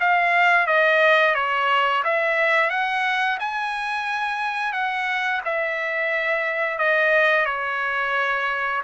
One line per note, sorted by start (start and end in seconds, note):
0.00 0.67 F5
0.67 1.35 D#5
1.35 2.03 C#5
2.04 2.70 E5
2.70 3.38 F#5
3.40 4.73 G#5
4.73 5.41 F#5
5.45 6.78 E5
6.78 7.46 D#5
7.46 8.82 C#5